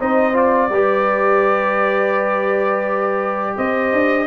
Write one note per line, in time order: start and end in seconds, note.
0.00 0.69 C4
0.00 0.34 D#4
0.00 0.72 C5
0.00 0.36 D#5
0.34 0.69 F4
0.34 3.58 D5
0.69 3.55 G3
0.69 4.27 G4
0.69 3.56 B4
3.56 3.93 C4
3.56 4.27 C5
3.56 4.27 D#5
3.93 4.27 D4